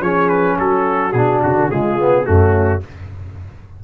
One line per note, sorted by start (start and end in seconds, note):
0.00 0.56 F3
0.00 1.13 C#4
0.00 0.58 G#4
0.00 0.29 C#5
0.29 0.57 B4
0.58 1.13 F#3
0.58 1.70 F#4
0.58 1.12 A4
1.12 1.41 B2
1.12 1.71 D4
1.12 1.40 G#4
1.42 1.55 C#3
1.42 1.70 F#4
1.55 1.69 D3
1.70 2.26 C#3
1.70 1.98 G#3
1.70 2.26 F4
1.70 2.25 G#4
1.98 2.24 B3
2.24 2.83 F#2
2.24 2.80 A3
2.24 2.83 C#4
2.24 2.81 F#4